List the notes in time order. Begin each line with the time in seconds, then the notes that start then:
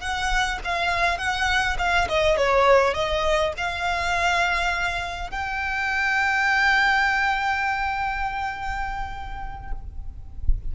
0.00 F#5
0.64 F5
1.18 F#5
1.79 F5
2.09 D#5
2.37 C#5
2.94 D#5
3.57 F5
5.31 G5